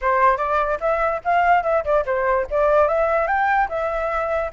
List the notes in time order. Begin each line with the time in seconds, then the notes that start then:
0.01 C5
0.37 D5
0.80 E5
1.24 F5
1.63 E5
1.84 D5
2.05 C5
2.50 D5
2.87 E5
3.27 G5
3.68 E5